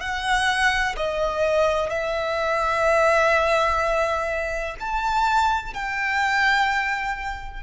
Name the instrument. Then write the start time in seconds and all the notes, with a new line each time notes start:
violin
0.00 F#5
0.96 D#5
1.90 E5
4.80 A5
5.74 G5